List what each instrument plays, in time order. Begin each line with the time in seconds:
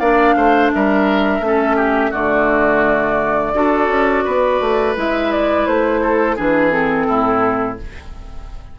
0.00 bassoon A#3, clarinet D4, oboe D5, flute F5
0.36 bassoon A3, oboe C5
0.73 bassoon G3, oboe A#4, flute E5
1.40 bassoon A3, clarinet C#4
1.47 oboe A4
1.76 oboe G4
2.11 bassoon D3, clarinet A3, oboe F#4, flute D5
3.54 bassoon D4, clarinet F#4, oboe A4
3.88 bassoon C#4
4.25 bassoon B3, oboe B4
4.61 bassoon A3
4.96 bassoon G#3, clarinet E4, flute E5
5.32 flute D5
5.67 bassoon A3, flute C5
6.02 oboe A4
6.36 bassoon E3, clarinet D4, oboe G#4, flute B4
6.72 clarinet C4, flute A4
7.08 bassoon A2, oboe E4